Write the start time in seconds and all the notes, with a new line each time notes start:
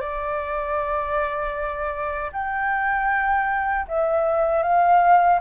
0.00 D5
2.32 G5
3.87 E5
4.62 F5